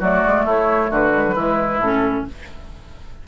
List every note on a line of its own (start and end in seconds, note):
0.00 0.23 F#3
0.00 1.14 A3
0.00 0.45 F#4
0.00 0.48 D5
0.26 0.45 G#3
0.45 0.90 A3
0.45 0.90 E4
0.45 0.93 C#5
0.90 1.35 D3
0.90 1.35 F#4
0.90 1.82 B4
1.14 1.25 G#3
1.26 1.36 F#3
1.35 1.79 E3
1.35 1.81 G#3
1.35 2.25 E4
1.79 2.24 A2
1.79 2.28 C#4
1.79 2.27 A4